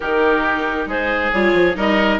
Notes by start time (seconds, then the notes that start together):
0.00 D#3 D#4 G4 A#4
0.86 G#3 G#4 C5
1.33 G3 F4 C#5
1.53 F3
1.75 G3 D#4 A#4 D#5